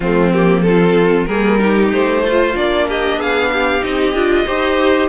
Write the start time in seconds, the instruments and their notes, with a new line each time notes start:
0.00 cello F3, viola A3, violin C4 F4
0.33 viola A#3, violin G4
0.62 viola C4, violin F4 A4
1.25 cello G3, viola A#3, violin G#4 A#4
1.59 viola D#4, violin G4
1.91 cello A3, violin C5
2.23 violin F4, viola F4
2.54 cello A#3, viola D4, violin D5
2.88 violin G4 D#5
3.17 cello B3, violin G#4 F5
3.52 violin G4
3.81 cello C4, viola D#4, violin D#5
4.14 cello D4, viola F4
4.45 cello D#4, viola G4, violin C5